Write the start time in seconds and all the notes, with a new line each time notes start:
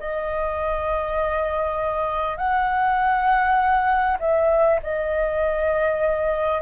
0.00 D#5
2.37 F#5
4.19 E5
4.83 D#5